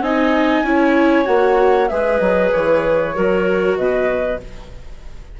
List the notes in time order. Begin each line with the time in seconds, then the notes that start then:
0.00 C4 D#4 D#5 G#5
0.62 C#4 E4 C#5
1.25 A#3 F#4 F#5
1.88 G#3 G#4 B4 E5
2.18 F#3 D#5
2.52 E3 C#5
3.15 F#3 F#4 A#4
3.77 B2 B4 D#5